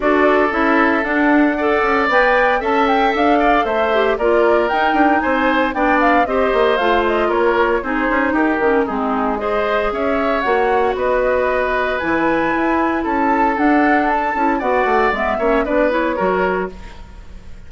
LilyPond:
<<
  \new Staff \with { instrumentName = "flute" } { \time 4/4 \tempo 4 = 115 d''4 e''4 fis''2 | g''4 a''8 g''8 f''4 e''4 | d''4 g''4 gis''4 g''8 f''8 | dis''4 f''8 dis''8 cis''4 c''4 |
ais'4 gis'4 dis''4 e''4 | fis''4 dis''2 gis''4~ | gis''4 a''4 fis''4 a''4 | fis''4 e''4 d''8 cis''4. | }
  \new Staff \with { instrumentName = "oboe" } { \time 4/4 a'2. d''4~ | d''4 e''4. d''8 c''4 | ais'2 c''4 d''4 | c''2 ais'4 gis'4 |
g'4 dis'4 c''4 cis''4~ | cis''4 b'2.~ | b'4 a'2. | d''4. cis''8 b'4 ais'4 | }
  \new Staff \with { instrumentName = "clarinet" } { \time 4/4 fis'4 e'4 d'4 a'4 | b'4 a'2~ a'8 g'8 | f'4 dis'2 d'4 | g'4 f'2 dis'4~ |
dis'8 cis'8 c'4 gis'2 | fis'2. e'4~ | e'2 d'4. e'8 | fis'4 b8 cis'8 d'8 e'8 fis'4 | }
  \new Staff \with { instrumentName = "bassoon" } { \time 4/4 d'4 cis'4 d'4. cis'8 | b4 cis'4 d'4 a4 | ais4 dis'8 d'8 c'4 b4 | c'8 ais8 a4 ais4 c'8 cis'8 |
dis'8 dis8 gis2 cis'4 | ais4 b2 e4 | e'4 cis'4 d'4. cis'8 | b8 a8 gis8 ais8 b4 fis4 | }
>>